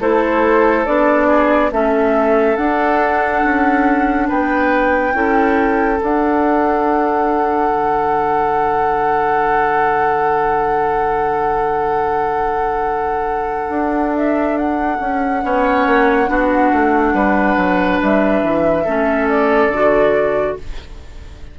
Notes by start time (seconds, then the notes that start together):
0.00 A3 E4 A4 C5
0.85 B3 D4 D5
1.27 G#4
1.71 A3 C#4 A4 E5
2.56 D4 F#5
3.44 C#4
4.28 B3 B4 G5
5.13 C#4 E4 A4
5.97 D4
6.04 F#5
7.70 D3
13.69 D4
14.16 E5
14.58 F#5
15.00 C#4
15.42 B3 C#4 C#5
15.86 A#3
16.27 B3 D4 F#4
16.72 A3
17.14 G3 B4
17.57 F#3
18.02 G3 E5
18.42 E3
18.84 A3 C#4 A4
19.28 D5
19.68 D3 F#4